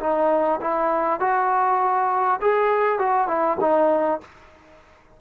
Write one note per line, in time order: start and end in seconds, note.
0.00 0.60 D#4
0.61 1.20 E4
1.20 2.40 F#4
2.42 2.99 G#4
2.99 3.28 F#4
3.28 3.58 E4
3.61 4.21 D#4